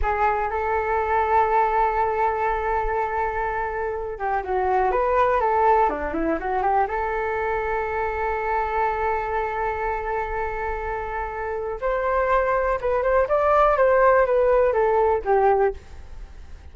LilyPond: \new Staff \with { instrumentName = "flute" } { \time 4/4 \tempo 4 = 122 gis'4 a'2.~ | a'1~ | a'8 g'8 fis'4 b'4 a'4 | d'8 e'8 fis'8 g'8 a'2~ |
a'1~ | a'1 | c''2 b'8 c''8 d''4 | c''4 b'4 a'4 g'4 | }